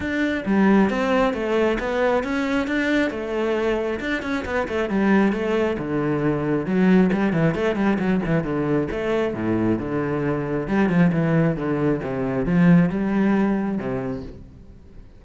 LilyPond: \new Staff \with { instrumentName = "cello" } { \time 4/4 \tempo 4 = 135 d'4 g4 c'4 a4 | b4 cis'4 d'4 a4~ | a4 d'8 cis'8 b8 a8 g4 | a4 d2 fis4 |
g8 e8 a8 g8 fis8 e8 d4 | a4 a,4 d2 | g8 f8 e4 d4 c4 | f4 g2 c4 | }